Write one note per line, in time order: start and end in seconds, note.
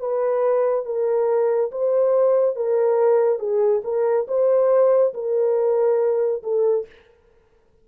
0.00 0.86 B4
0.86 1.71 A#4
1.72 2.56 C5
2.56 3.39 A#4
3.39 3.82 G#4
3.84 4.27 A#4
4.28 5.14 C5
5.14 6.43 A#4
6.43 6.86 A4